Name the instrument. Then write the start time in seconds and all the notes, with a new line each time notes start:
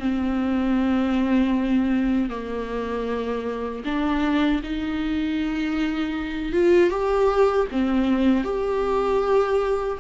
viola
0.00 C4
2.30 A#3
3.85 D4
4.64 D#4
6.53 F4
6.90 G4
7.72 C4
8.44 G4